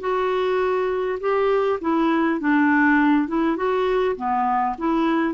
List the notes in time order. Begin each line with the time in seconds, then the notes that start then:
0.00 F#4
1.20 G4
1.81 E4
2.40 D4
3.28 E4
3.56 F#4
4.16 B3
4.78 E4